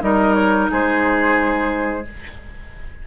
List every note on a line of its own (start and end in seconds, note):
0.00 0.69 G3
0.00 2.02 D#4
0.00 0.71 A#4
0.00 0.34 D#5
0.34 0.68 C#5
0.71 2.06 G#3
0.71 2.06 G#4
0.71 2.07 C5